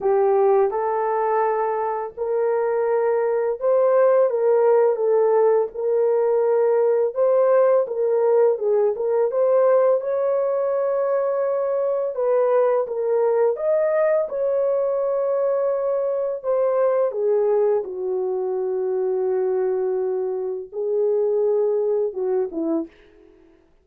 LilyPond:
\new Staff \with { instrumentName = "horn" } { \time 4/4 \tempo 4 = 84 g'4 a'2 ais'4~ | ais'4 c''4 ais'4 a'4 | ais'2 c''4 ais'4 | gis'8 ais'8 c''4 cis''2~ |
cis''4 b'4 ais'4 dis''4 | cis''2. c''4 | gis'4 fis'2.~ | fis'4 gis'2 fis'8 e'8 | }